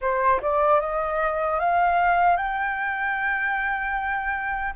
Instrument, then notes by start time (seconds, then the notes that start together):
flute
0.01 C5
0.41 D5
0.80 D#5
1.59 F5
2.36 G5